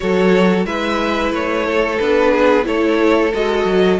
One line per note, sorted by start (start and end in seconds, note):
0.00 0.65 F#3
0.00 0.66 F#4
0.00 0.65 A4
0.00 0.65 C#5
0.65 1.31 G#3
0.65 1.99 E4
0.65 1.65 B4
0.65 1.32 E5
1.31 1.98 A3
1.31 1.99 C#5
1.66 2.31 A4
1.99 2.66 B3
1.99 2.63 D4
1.99 2.65 B4
2.31 2.64 G#4
2.63 3.33 A3
2.63 3.30 E4
2.63 4.00 A4
2.63 3.33 C#5
3.34 3.65 G#3
3.34 4.00 F#4
3.34 4.00 D#5
3.65 3.98 F#3